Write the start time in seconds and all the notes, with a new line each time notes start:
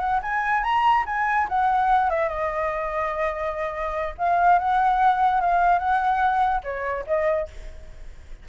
0.00 F#5
0.23 G#5
0.64 A#5
1.06 G#5
1.49 F#5
2.10 E5
2.29 D#5
4.18 F5
4.59 F#5
5.41 F5
5.79 F#5
6.64 C#5
7.07 D#5